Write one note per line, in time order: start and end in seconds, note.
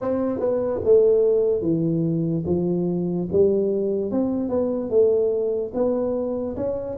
0.01 0.39 C4
0.39 0.80 B3
0.84 1.61 A3
1.61 2.44 E3
2.46 3.28 F3
3.32 4.11 G3
4.11 4.49 C4
4.49 4.89 B3
4.89 5.72 A3
5.73 6.56 B3
6.56 6.97 C#4